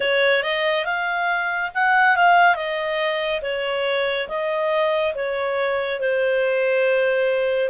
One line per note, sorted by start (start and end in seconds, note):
0.00 0.42 C#5
0.42 0.85 D#5
0.85 1.70 F5
1.74 2.16 F#5
2.16 2.55 F5
2.55 3.41 D#5
3.42 4.27 C#5
4.28 5.14 D#5
5.14 6.00 C#5
6.00 7.69 C5